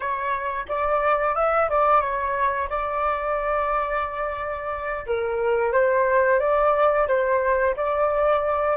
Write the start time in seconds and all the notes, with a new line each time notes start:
0.00 C#5
0.68 D5
1.35 E5
1.69 D5
2.00 C#5
2.69 D5
5.06 A#4
5.72 C5
6.39 D5
7.07 C5
7.76 D5